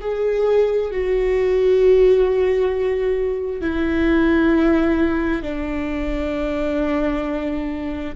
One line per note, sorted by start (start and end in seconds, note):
0.00 0.91 G#4
0.91 3.61 F#4
3.61 5.42 E4
5.42 8.15 D4